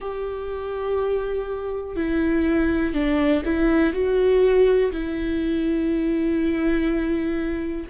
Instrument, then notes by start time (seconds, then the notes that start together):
viola
0.00 G4
1.96 E4
2.93 D4
3.44 E4
3.93 F#4
4.91 E4